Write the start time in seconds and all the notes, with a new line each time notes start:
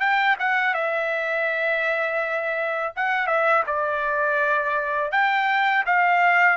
0.00 G5
0.40 F#5
0.74 E5
2.96 F#5
3.27 E5
3.67 D5
5.12 G5
5.86 F5